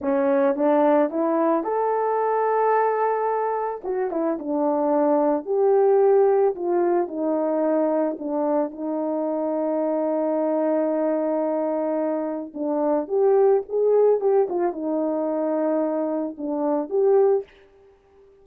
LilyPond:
\new Staff \with { instrumentName = "horn" } { \time 4/4 \tempo 4 = 110 cis'4 d'4 e'4 a'4~ | a'2. fis'8 e'8 | d'2 g'2 | f'4 dis'2 d'4 |
dis'1~ | dis'2. d'4 | g'4 gis'4 g'8 f'8 dis'4~ | dis'2 d'4 g'4 | }